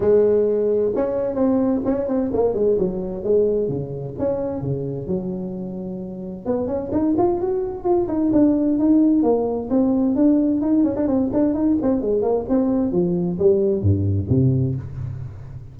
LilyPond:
\new Staff \with { instrumentName = "tuba" } { \time 4/4 \tempo 4 = 130 gis2 cis'4 c'4 | cis'8 c'8 ais8 gis8 fis4 gis4 | cis4 cis'4 cis4 fis4~ | fis2 b8 cis'8 dis'8 f'8 |
fis'4 f'8 dis'8 d'4 dis'4 | ais4 c'4 d'4 dis'8 cis'16 d'16 | c'8 d'8 dis'8 c'8 gis8 ais8 c'4 | f4 g4 g,4 c4 | }